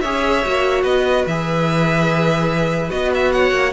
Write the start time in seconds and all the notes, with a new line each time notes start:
0.00 C#4 G#4 C#5 E5
0.45 A#3 F#4
0.83 B3 B4 D#5
1.26 E3 G#4 E5
2.89 B3 F#4 D#5
3.14 E5
3.32 C#5 F#5
3.51 A#3